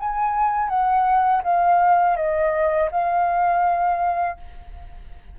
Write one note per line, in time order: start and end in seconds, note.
0.00 0.70 G#5
0.70 1.43 F#5
1.44 2.17 F5
2.17 2.90 D#5
2.92 4.38 F5